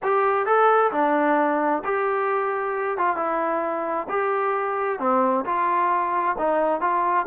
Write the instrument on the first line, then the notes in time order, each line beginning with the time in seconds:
trombone
0.02 G4
0.45 A4
0.91 D4
1.84 G4
2.97 F4
3.16 E4
4.09 G4
4.99 C4
5.45 F4
6.38 D#4
6.80 F4